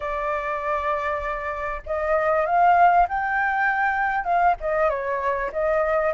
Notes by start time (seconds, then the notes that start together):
0.00 D5
1.86 D#5
2.46 F5
3.08 G5
4.24 F5
4.60 D#5
4.89 C#5
5.52 D#5